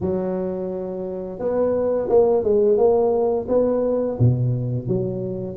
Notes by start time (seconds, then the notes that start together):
0.00 F#3
1.39 B3
2.09 A#3
2.43 G#3
2.77 A#3
3.48 B3
4.19 B2
4.87 F#3